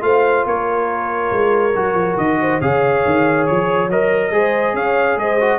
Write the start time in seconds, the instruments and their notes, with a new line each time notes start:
0.00 tuba A3, trombone F4, horn C5, trumpet F5
0.45 tuba A#3, horn A#4, trumpet C#5
1.31 tuba G#3
1.75 tuba F#3, trombone F#4
1.94 tuba F3
2.17 tuba D#3, trumpet D#5
2.41 horn C5
2.61 tuba C#3, trombone G#4, horn C#5, trumpet F5
3.05 tuba D#3
3.46 tuba F3, trumpet C#5
3.88 tuba F#3, trombone A#4, trumpet D#5
4.31 tuba G#3, trombone G#4, horn C5
4.73 tuba C#4, horn C#5, trumpet F5
5.16 tuba G#3, horn C5, trumpet D#5
5.40 trombone F#4